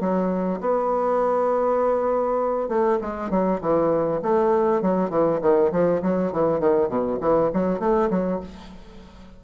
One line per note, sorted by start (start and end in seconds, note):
0.00 0.60 F#3
0.60 2.68 B3
2.68 2.98 A3
3.01 3.30 G#3
3.30 3.60 F#3
3.61 4.21 E3
4.22 4.81 A3
4.81 5.09 F#3
5.09 5.39 E3
5.41 5.71 D#3
5.71 6.01 F3
6.02 6.32 F#3
6.32 6.59 E3
6.59 6.88 D#3
6.88 7.18 B2
7.21 7.51 E3
7.53 7.79 F#3
7.79 8.09 A3
8.10 8.40 F#3